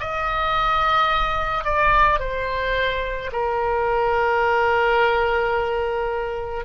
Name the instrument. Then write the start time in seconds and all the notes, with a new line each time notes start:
oboe
0.00 D#5
1.64 D5
2.19 C5
3.32 A#4